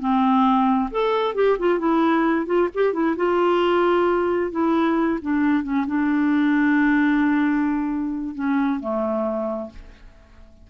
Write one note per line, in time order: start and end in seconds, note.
0.00 0.90 C4
0.91 1.35 A4
1.35 1.58 G4
1.59 1.79 F4
1.79 2.46 E4
2.46 2.69 F4
2.75 2.94 G4
2.94 3.16 E4
3.17 4.52 F4
4.52 5.20 E4
5.22 5.64 D4
5.64 5.86 C#4
5.87 8.35 D4
8.35 8.81 C#4
8.81 9.71 A3